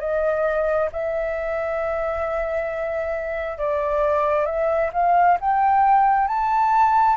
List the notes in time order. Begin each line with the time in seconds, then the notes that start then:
0.00 D#5
0.93 E5
3.58 D5
4.46 E5
4.93 F5
5.41 G5
6.28 A5